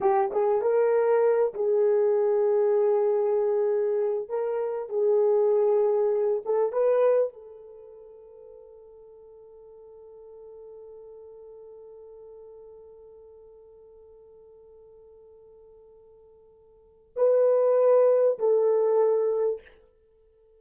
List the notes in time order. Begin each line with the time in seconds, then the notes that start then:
0.00 G4
0.32 G#4
0.61 A#4
1.54 G#4
4.29 A#4
4.89 G#4
6.45 A4
6.72 B4
7.33 A4
17.15 B4
18.38 A4